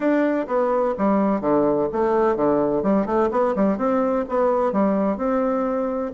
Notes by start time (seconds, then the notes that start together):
0.00 D4
0.47 B3
0.98 G3
1.40 D3
1.92 A3
2.36 D3
2.83 G3
3.05 A3
3.31 B3
3.55 G3
3.77 C4
4.28 B3
4.72 G3
5.17 C4